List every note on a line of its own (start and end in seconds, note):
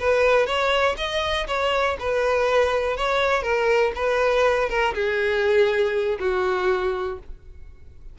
0.00 0.47 B4
0.47 0.96 C#5
0.98 1.47 D#5
1.48 1.97 C#5
2.00 2.98 B4
2.98 3.43 C#5
3.43 3.93 A#4
3.96 4.70 B4
4.70 4.95 A#4
4.95 6.19 G#4
6.20 7.19 F#4